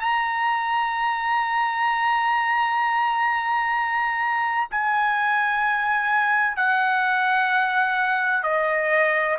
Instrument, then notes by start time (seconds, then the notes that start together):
trumpet
0.00 A#5
4.71 G#5
6.57 F#5
8.43 D#5